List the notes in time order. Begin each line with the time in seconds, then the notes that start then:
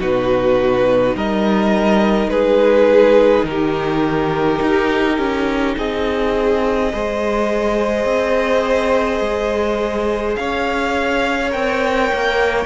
0.00 B2 D#4 F#4 B4
1.15 G3 A#4 D#5
2.28 G#3 G#4 B4
3.44 D#3 G4 A#4
4.62 D#4
5.18 C#4
5.78 C4 G#4 D#5
6.93 G#3 G#4 C5
8.05 C4
9.21 G#3
10.36 C#4 C#5 F5
11.50 C4 A#4 G5
12.13 A#3